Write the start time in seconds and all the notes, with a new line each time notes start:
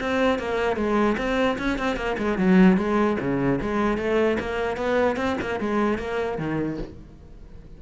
0.00 C4
0.39 A#3
0.76 G#3
1.17 C4
1.58 C#4
1.78 C4
1.96 A#3
2.18 G#3
2.37 F#3
2.77 G#3
3.20 C#3
3.61 G#3
3.97 A3
4.39 A#3
4.77 B3
5.16 C4
5.41 A#3
5.59 G#3
5.98 A#3
6.37 D#3